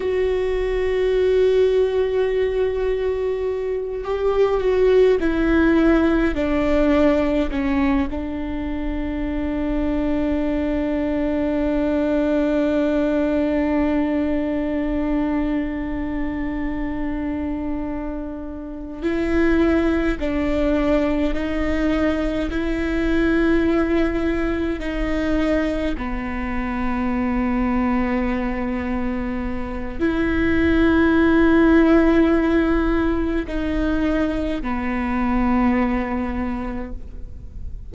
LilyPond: \new Staff \with { instrumentName = "viola" } { \time 4/4 \tempo 4 = 52 fis'2.~ fis'8 g'8 | fis'8 e'4 d'4 cis'8 d'4~ | d'1~ | d'1~ |
d'8 e'4 d'4 dis'4 e'8~ | e'4. dis'4 b4.~ | b2 e'2~ | e'4 dis'4 b2 | }